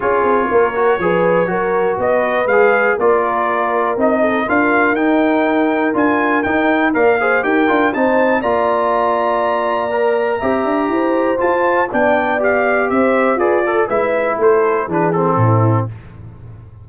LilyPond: <<
  \new Staff \with { instrumentName = "trumpet" } { \time 4/4 \tempo 4 = 121 cis''1 | dis''4 f''4 d''2 | dis''4 f''4 g''2 | gis''4 g''4 f''4 g''4 |
a''4 ais''2.~ | ais''2. a''4 | g''4 f''4 e''4 d''4 | e''4 c''4 b'8 a'4. | }
  \new Staff \with { instrumentName = "horn" } { \time 4/4 gis'4 ais'4 b'4 ais'4 | b'2 ais'2~ | ais'8 a'8 ais'2.~ | ais'2 d''8 c''8 ais'4 |
c''4 d''2.~ | d''4 e''4 c''2 | d''2 c''4 b'8 a'8 | b'4 a'4 gis'4 e'4 | }
  \new Staff \with { instrumentName = "trombone" } { \time 4/4 f'4. fis'8 gis'4 fis'4~ | fis'4 gis'4 f'2 | dis'4 f'4 dis'2 | f'4 dis'4 ais'8 gis'8 g'8 f'8 |
dis'4 f'2. | ais'4 g'2 f'4 | d'4 g'2 gis'8 a'8 | e'2 d'8 c'4. | }
  \new Staff \with { instrumentName = "tuba" } { \time 4/4 cis'8 c'8 ais4 f4 fis4 | b4 gis4 ais2 | c'4 d'4 dis'2 | d'4 dis'4 ais4 dis'8 d'8 |
c'4 ais2.~ | ais4 c'8 d'8 e'4 f'4 | b2 c'4 f'4 | gis4 a4 e4 a,4 | }
>>